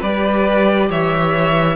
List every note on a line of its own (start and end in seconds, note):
0.00 0.89 G3
0.00 1.76 G4
0.00 0.88 B4
0.00 0.91 D5
0.89 1.76 E3
0.89 1.76 C#5
0.89 1.76 E5